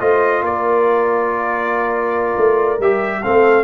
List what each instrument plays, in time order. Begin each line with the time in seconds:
0.00 tuba A3, trombone F4, horn C5, trumpet D#5
0.42 tuba A#3, horn A#4, trumpet D5
2.37 tuba A3
2.79 tuba G3, trombone G4, trumpet E5
3.23 tuba A3, trombone C4, horn A4, trumpet F5